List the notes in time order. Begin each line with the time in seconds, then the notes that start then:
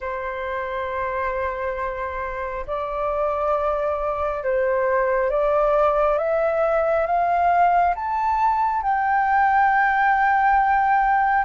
0.00 C5
2.67 D5
4.44 C5
5.29 D5
6.18 E5
7.06 F5
7.95 A5
8.82 G5